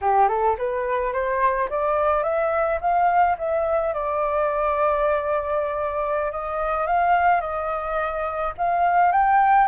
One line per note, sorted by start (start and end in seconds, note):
0.01 0.28 G4
0.28 0.56 A4
0.58 1.12 B4
1.12 1.68 C5
1.69 2.23 D5
2.23 2.79 E5
2.80 3.36 F5
3.37 3.93 E5
3.93 6.31 D5
6.31 6.86 D#5
6.86 7.40 F5
7.40 8.53 D#5
8.57 9.12 F5
9.12 9.67 G5